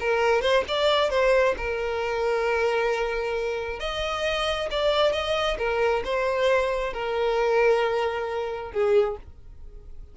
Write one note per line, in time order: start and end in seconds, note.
0.00 0.42 A#4
0.42 0.64 C5
0.68 1.10 D5
1.10 1.55 C5
1.57 3.80 A#4
3.80 4.69 D#5
4.71 5.12 D5
5.12 5.57 D#5
5.58 6.03 A#4
6.04 6.93 C5
6.93 8.72 A#4
8.72 9.17 G#4